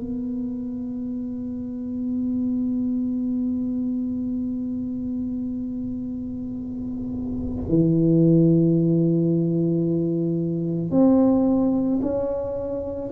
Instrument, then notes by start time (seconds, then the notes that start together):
tuba
0.00 B3
7.69 E3
10.91 C4
12.02 C#4